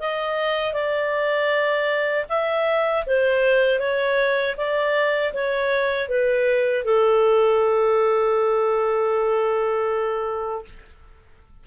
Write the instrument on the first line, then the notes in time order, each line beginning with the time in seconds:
clarinet
0.00 D#5
0.74 D5
2.29 E5
3.07 C5
3.80 C#5
4.57 D5
5.34 C#5
6.09 B4
6.85 A4